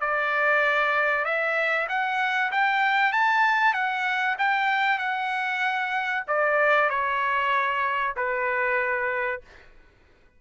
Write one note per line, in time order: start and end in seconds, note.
0.00 1.24 D5
1.24 1.87 E5
1.88 2.51 F#5
2.51 3.12 G5
3.12 3.73 A5
3.73 4.36 F#5
4.38 4.98 G5
4.98 6.23 F#5
6.27 6.89 D5
6.89 8.14 C#5
8.16 9.41 B4